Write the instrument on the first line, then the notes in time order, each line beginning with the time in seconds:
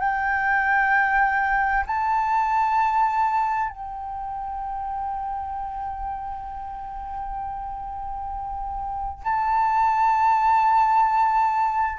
flute
0.00 G5
1.87 A5
3.70 G5
9.24 A5